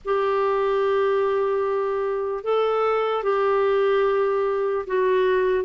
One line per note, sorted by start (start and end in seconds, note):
0.04 2.44 G4
2.44 3.23 A4
3.23 4.85 G4
4.86 5.64 F#4